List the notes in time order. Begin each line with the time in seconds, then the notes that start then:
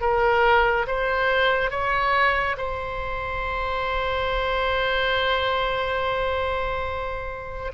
0.00 A#4
0.86 C5
1.70 C#5
2.57 C5